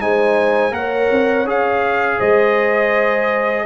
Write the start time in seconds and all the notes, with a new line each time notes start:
0.00 G#3 D#4 C5 G#5
0.71 A#3 A#4 C#5 F#5
1.11 C4
1.45 C#4 G#4 F5
2.18 G#3 C5 D#5